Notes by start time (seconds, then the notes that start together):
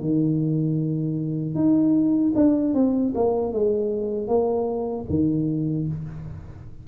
0.00 D#3
1.54 D#4
2.35 D4
2.74 C4
3.14 A#3
3.52 G#3
4.27 A#3
5.09 D#3